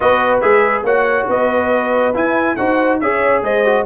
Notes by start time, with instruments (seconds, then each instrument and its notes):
0.00 tuba B3, trombone F#4, horn B4, trumpet D#5
0.40 tuba G#3, trombone G#4, trumpet E5
0.83 tuba A#3, trombone F#4, horn C#5, trumpet F#5
1.28 tuba B3, horn B4, trumpet D#5
2.14 trombone E4, tuba E4, trumpet G#5
2.56 tuba D#4, trombone F#4, horn C5, trumpet F#5
3.00 tuba C#4, trombone G#4, horn C#5, trumpet E5
3.42 tuba G#3, horn C5, trumpet D#5
3.65 trombone F#4